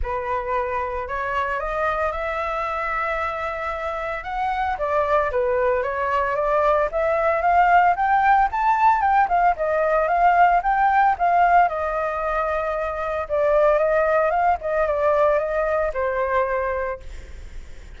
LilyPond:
\new Staff \with { instrumentName = "flute" } { \time 4/4 \tempo 4 = 113 b'2 cis''4 dis''4 | e''1 | fis''4 d''4 b'4 cis''4 | d''4 e''4 f''4 g''4 |
a''4 g''8 f''8 dis''4 f''4 | g''4 f''4 dis''2~ | dis''4 d''4 dis''4 f''8 dis''8 | d''4 dis''4 c''2 | }